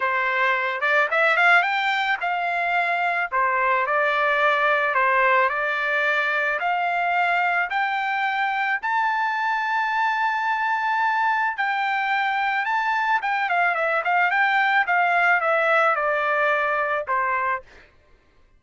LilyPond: \new Staff \with { instrumentName = "trumpet" } { \time 4/4 \tempo 4 = 109 c''4. d''8 e''8 f''8 g''4 | f''2 c''4 d''4~ | d''4 c''4 d''2 | f''2 g''2 |
a''1~ | a''4 g''2 a''4 | g''8 f''8 e''8 f''8 g''4 f''4 | e''4 d''2 c''4 | }